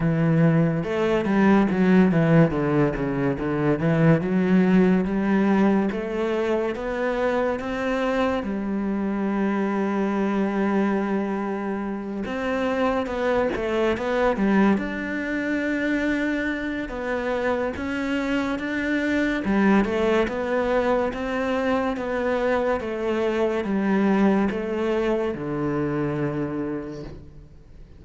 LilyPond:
\new Staff \with { instrumentName = "cello" } { \time 4/4 \tempo 4 = 71 e4 a8 g8 fis8 e8 d8 cis8 | d8 e8 fis4 g4 a4 | b4 c'4 g2~ | g2~ g8 c'4 b8 |
a8 b8 g8 d'2~ d'8 | b4 cis'4 d'4 g8 a8 | b4 c'4 b4 a4 | g4 a4 d2 | }